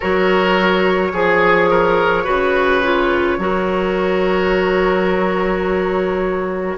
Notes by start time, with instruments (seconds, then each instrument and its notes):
0.00 bassoon F#3, clarinet F#4, oboe A#4, flute C#5
1.13 bassoon F3, oboe G#4, clarinet G#4
1.70 oboe A#4
2.24 bassoon C#3, clarinet F#4, oboe B4
2.83 clarinet F4
3.38 bassoon F#3, clarinet F#4, oboe A#4